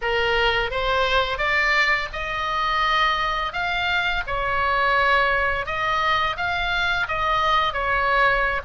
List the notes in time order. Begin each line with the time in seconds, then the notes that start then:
0.01 A#4
0.71 C5
1.38 D5
2.12 D#5
3.52 F5
4.26 C#5
5.66 D#5
6.36 F5
7.08 D#5
7.73 C#5